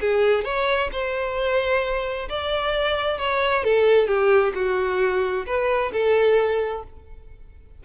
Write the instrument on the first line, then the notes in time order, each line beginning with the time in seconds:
violin
0.00 G#4
0.44 C#5
0.92 C5
2.29 D5
3.18 C#5
3.63 A4
4.07 G4
4.54 F#4
5.46 B4
5.92 A4